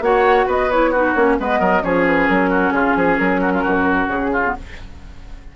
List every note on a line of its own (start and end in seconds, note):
0.00 0.45 A#3
0.00 0.70 F#4
0.00 0.46 C#5
0.00 0.47 F#5
0.46 1.14 B3
0.46 0.91 B4
0.46 0.70 D#5
0.70 0.94 E4
0.70 0.92 C#5
0.91 1.16 D#4
0.91 1.36 F#4
0.91 1.13 B4
1.13 1.38 A#3
1.13 1.39 C#4
1.13 1.36 C#5
1.39 1.59 G#3
1.39 1.82 B3
1.39 1.59 B4
1.39 1.83 D#5
1.59 1.82 F#3
1.59 1.82 A#4
1.82 2.29 F3
1.82 4.41 C#4
1.82 2.50 G#4
1.82 2.05 C#5
2.06 2.27 B4
2.27 2.71 F#3
2.27 2.70 A#4
2.50 2.72 F#4
2.70 2.94 C#3
2.70 2.97 F4
2.70 3.16 G#4
2.95 3.18 F3
2.95 3.41 G#4
3.17 3.64 F#3
3.17 4.07 A#4
3.41 3.52 F#4
3.53 3.62 F4
3.62 4.08 F#2
3.62 4.30 F#4
4.08 4.53 C#3
4.08 4.53 G#4
4.32 4.55 F4
4.44 4.56 B3